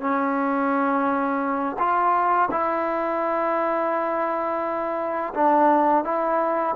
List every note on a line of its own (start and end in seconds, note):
0.00 1.76 C#4
1.78 2.49 F4
2.51 5.33 E4
5.34 6.04 D4
6.04 6.75 E4